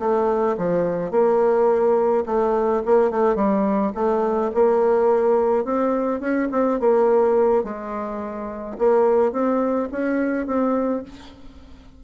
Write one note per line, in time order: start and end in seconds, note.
0.00 0.57 A3
0.58 1.11 F3
1.11 2.25 A#3
2.26 2.83 A3
2.86 3.11 A#3
3.11 3.36 A3
3.36 3.93 G3
3.95 4.52 A3
4.55 5.65 A#3
5.65 6.21 C4
6.21 6.49 C#4
6.52 6.80 C4
6.80 7.64 A#3
7.64 8.78 G#3
8.79 9.33 A#3
9.33 9.89 C4
9.92 10.47 C#4
10.47 11.04 C4